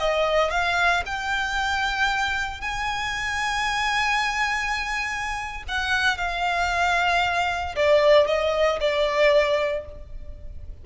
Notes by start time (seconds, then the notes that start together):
0.00 D#5
0.51 F5
1.06 G5
2.61 G#5
5.69 F#5
6.18 F5
7.76 D5
8.27 D#5
8.81 D5